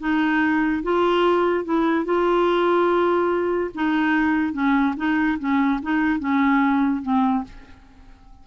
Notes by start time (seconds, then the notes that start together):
0.00 D#4
0.83 F4
1.65 E4
2.05 F4
3.75 D#4
4.53 C#4
4.97 D#4
5.39 C#4
5.82 D#4
6.20 C#4
7.03 C4